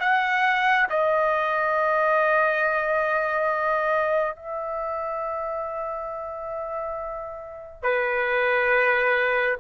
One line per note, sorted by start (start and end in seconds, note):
0.00 0.87 F#5
0.89 4.36 D#5
4.36 7.83 E5
7.83 9.57 B4